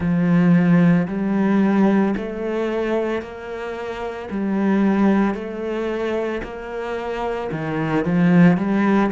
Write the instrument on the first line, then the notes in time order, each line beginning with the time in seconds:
cello
0.00 F3
1.07 G3
2.16 A3
3.21 A#3
4.30 G3
5.34 A3
6.43 A#3
7.51 D#3
8.05 F3
8.57 G3